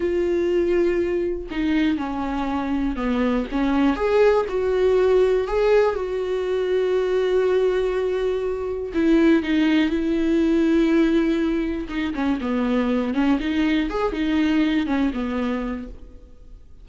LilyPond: \new Staff \with { instrumentName = "viola" } { \time 4/4 \tempo 4 = 121 f'2. dis'4 | cis'2 b4 cis'4 | gis'4 fis'2 gis'4 | fis'1~ |
fis'2 e'4 dis'4 | e'1 | dis'8 cis'8 b4. cis'8 dis'4 | gis'8 dis'4. cis'8 b4. | }